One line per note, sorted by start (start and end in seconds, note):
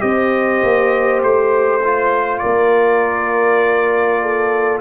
0.00 0.62 C4
0.00 1.80 G4
0.00 2.42 C5
0.00 1.21 D#5
0.62 1.22 A#3
1.22 2.42 A3
1.22 2.38 C5
1.83 4.81 F4
2.38 4.81 A#3
2.38 4.22 A#4
2.38 4.78 D5
4.22 4.81 A4